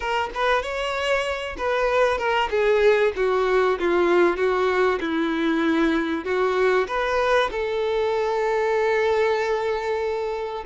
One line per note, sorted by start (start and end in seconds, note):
0.00 0.30 A#4
0.34 0.62 B4
0.62 1.56 C#5
1.57 2.18 B4
2.18 2.49 A#4
2.50 3.12 G#4
3.16 3.78 F#4
3.79 4.36 F4
4.36 4.99 F#4
5.00 6.24 E4
6.24 6.87 F#4
6.87 7.50 B4
7.51 10.63 A4